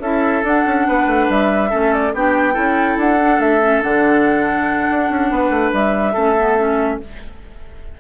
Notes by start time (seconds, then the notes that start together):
0.00 C#4 E4 A4 E5
0.43 D4 F#5
0.66 C#4
0.88 B3 B4
1.07 A3
1.29 G3 E5
1.70 A3 C#4 A4
1.93 D5
2.14 B3 D4 G4 G5
2.53 C#4 E4 A4
2.97 D4 F#5
3.21 D4
3.40 A3 E5
3.61 C#4
3.82 D3 D4 F#5
4.90 D4
5.10 C#4
5.31 B3 B4
5.50 A3
5.73 G3 E5
6.13 A3 C#4 A4
6.37 B3
6.58 C#4